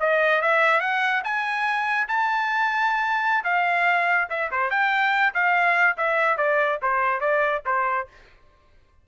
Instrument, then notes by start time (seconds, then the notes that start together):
trumpet
0.00 D#5
0.42 E5
0.80 F#5
1.24 G#5
2.08 A5
3.44 F5
4.30 E5
4.51 C5
4.70 G5
5.34 F5
5.97 E5
6.37 D5
6.82 C5
7.20 D5
7.66 C5